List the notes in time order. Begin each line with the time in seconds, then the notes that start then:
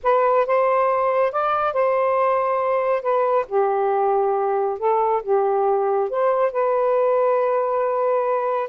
0.03 B4
0.46 C5
1.32 D5
1.73 C5
3.02 B4
3.48 G4
4.78 A4
5.22 G4
6.09 C5
6.52 B4